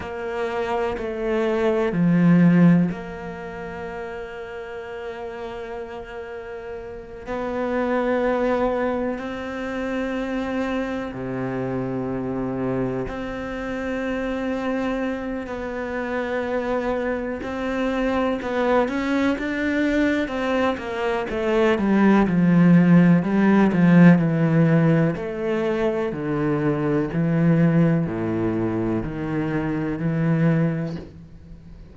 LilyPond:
\new Staff \with { instrumentName = "cello" } { \time 4/4 \tempo 4 = 62 ais4 a4 f4 ais4~ | ais2.~ ais8 b8~ | b4. c'2 c8~ | c4. c'2~ c'8 |
b2 c'4 b8 cis'8 | d'4 c'8 ais8 a8 g8 f4 | g8 f8 e4 a4 d4 | e4 a,4 dis4 e4 | }